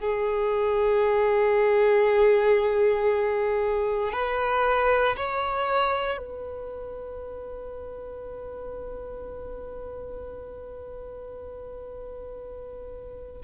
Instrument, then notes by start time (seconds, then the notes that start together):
violin
0.00 G#4
4.12 B4
5.16 C#5
6.17 B4